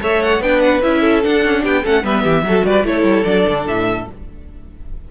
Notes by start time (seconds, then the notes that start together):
0.00 A3 A4 C#5 E5
0.23 F#5
0.40 B3 D4 B4 G5
0.61 F#5
0.83 C#4 E4 E5
1.01 A4
1.23 D4 F#5
1.45 C#4
1.63 B3 G4 G5
1.83 A3 C#4 A4 F#5
2.03 G3 B3 B4 E5
2.23 E3 G4
2.43 F#3 F#4 A4
2.65 G3 B4 D5
2.84 A3 E4 A4 C#5
3.04 G3
3.24 F#3 D4 D5
3.48 D3
3.67 A2 E5